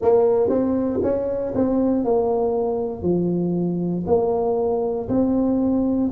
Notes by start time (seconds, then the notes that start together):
0.01 A#3
0.49 C4
1.02 C#4
1.54 C4
2.04 A#3
3.02 F3
4.06 A#3
5.08 C4